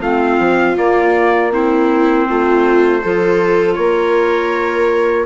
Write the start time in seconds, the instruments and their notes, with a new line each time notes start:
0.00 bassoon A3, clarinet C4, viola F4, trumpet F5
0.39 bassoon F3
0.76 clarinet A#3, bassoon A#3, trumpet D5
1.52 clarinet C4, viola E4, trumpet C5
2.29 bassoon A3, viola F4
3.02 bassoon F3, clarinet F4, viola A4
3.75 bassoon A#3, viola A#4, trumpet C#5